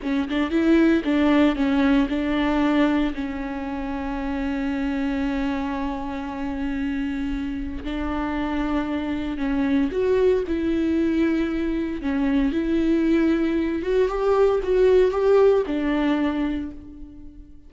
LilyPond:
\new Staff \with { instrumentName = "viola" } { \time 4/4 \tempo 4 = 115 cis'8 d'8 e'4 d'4 cis'4 | d'2 cis'2~ | cis'1~ | cis'2. d'4~ |
d'2 cis'4 fis'4 | e'2. cis'4 | e'2~ e'8 fis'8 g'4 | fis'4 g'4 d'2 | }